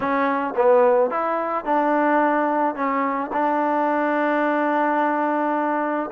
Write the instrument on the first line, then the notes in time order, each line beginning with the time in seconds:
trombone
0.00 C#4
0.56 B3
1.10 E4
1.65 D4
2.75 C#4
3.32 D4